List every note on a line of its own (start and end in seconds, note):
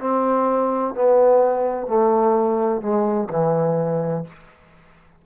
0.00 0.94 C4
0.95 1.87 B3
1.87 2.81 A3
2.81 3.29 G#3
3.30 4.24 E3